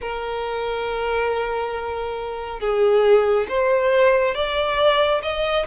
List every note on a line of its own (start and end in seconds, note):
0.01 2.60 A#4
2.60 3.47 G#4
3.49 4.34 C5
4.34 5.21 D5
5.22 5.66 D#5